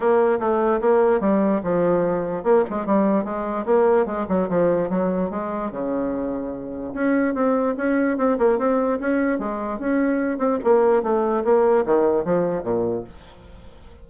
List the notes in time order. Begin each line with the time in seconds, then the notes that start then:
0.00 A#3
0.39 A3
0.80 A#3
1.20 G3
1.63 F3
2.43 A#3
2.70 G#3
2.86 G3
3.24 G#3
3.65 A#3
4.06 G#3
4.28 F#3
4.49 F3
4.89 F#3
5.30 G#3
5.71 C#3
6.94 C#4
7.34 C4
7.77 C#4
8.17 C4
8.38 A#3
8.58 C4
9.00 C#4
9.39 G#3
9.79 C#4
10.38 C4
10.63 A#3
11.02 A3
11.44 A#3
11.85 D#3
12.24 F3
12.63 A#2